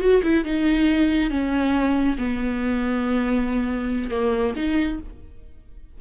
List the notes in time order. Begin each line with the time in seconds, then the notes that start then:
0.00 F#4
0.23 E4
0.45 D#4
1.30 C#4
2.18 B3
4.10 A#3
4.56 D#4